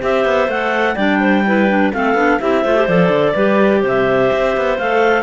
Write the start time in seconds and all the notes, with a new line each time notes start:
0.00 C4 G4 C5 E5
0.25 B3
0.48 A3 A4 F#5
0.95 G3 D4 D5 G5
1.20 C5
1.45 E4 B4
1.68 D4
1.93 A3 C4 A4 F5
2.14 B3 D4
2.40 C4 E4 G4 E5
2.62 A3 F4 C5
2.76 G4
2.87 F3 A4 D5
3.09 D3
3.34 G3 G4 B4
3.81 C3 C5 E5
4.32 C4
4.56 B3
4.78 A3 A4 F5